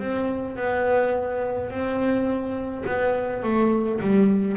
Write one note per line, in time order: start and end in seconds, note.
0.00 0.57 C4
0.57 1.71 B3
1.71 2.85 C4
2.86 3.43 B3
3.43 4.01 A3
4.01 4.58 G3